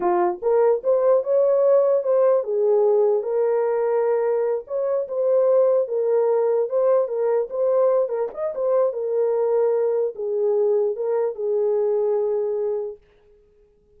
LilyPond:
\new Staff \with { instrumentName = "horn" } { \time 4/4 \tempo 4 = 148 f'4 ais'4 c''4 cis''4~ | cis''4 c''4 gis'2 | ais'2.~ ais'8 cis''8~ | cis''8 c''2 ais'4.~ |
ais'8 c''4 ais'4 c''4. | ais'8 dis''8 c''4 ais'2~ | ais'4 gis'2 ais'4 | gis'1 | }